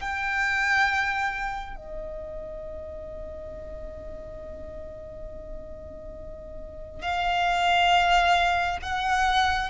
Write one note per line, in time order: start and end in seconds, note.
0.00 1.76 G5
1.76 7.02 D#5
7.02 8.78 F5
8.82 9.70 F#5